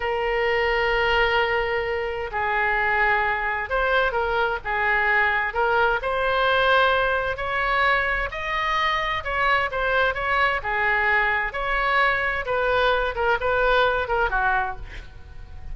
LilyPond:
\new Staff \with { instrumentName = "oboe" } { \time 4/4 \tempo 4 = 130 ais'1~ | ais'4 gis'2. | c''4 ais'4 gis'2 | ais'4 c''2. |
cis''2 dis''2 | cis''4 c''4 cis''4 gis'4~ | gis'4 cis''2 b'4~ | b'8 ais'8 b'4. ais'8 fis'4 | }